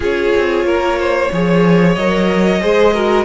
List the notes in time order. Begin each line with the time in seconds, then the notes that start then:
0.00 C#4 F4 G#4 C#5
0.36 C4
0.64 A#3 A#4
0.99 C5
1.32 F3 G#4 C#5
1.95 F#3 A#4 D#5
2.60 G#3 G#4 C5
2.93 F#4 A#4